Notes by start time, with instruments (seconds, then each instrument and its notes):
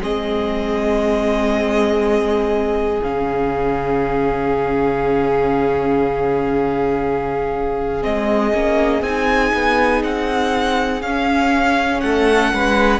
0.00 cello G#3, viola C4, violin G#4 D#5
3.02 cello C#3, viola C#4, violin F5
8.01 cello G#3, viola C4, violin D#5
8.53 cello A#3, viola C#4
9.02 cello C4, viola D#4, violin G#5
9.54 cello B3
10.03 cello C4, violin F#5
11.02 cello C#4, viola C#4, violin F5
12.00 cello A3, violin A4 F#5
12.53 cello G#3, violin B4